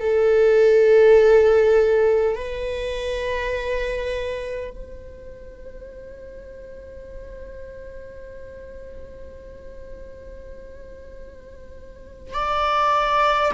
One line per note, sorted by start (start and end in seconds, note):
0.00 2.35 A4
2.35 4.71 B4
4.71 12.34 C5
12.34 13.51 D5